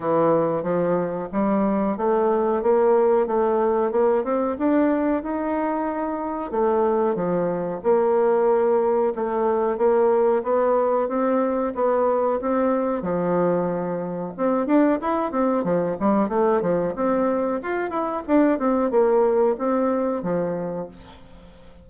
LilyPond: \new Staff \with { instrumentName = "bassoon" } { \time 4/4 \tempo 4 = 92 e4 f4 g4 a4 | ais4 a4 ais8 c'8 d'4 | dis'2 a4 f4 | ais2 a4 ais4 |
b4 c'4 b4 c'4 | f2 c'8 d'8 e'8 c'8 | f8 g8 a8 f8 c'4 f'8 e'8 | d'8 c'8 ais4 c'4 f4 | }